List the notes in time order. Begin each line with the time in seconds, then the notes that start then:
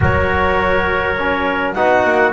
0.00 F#3 F#4 A#4 C#5
1.18 C#4
1.73 B3 D#4 F#4 F#5
2.04 A#3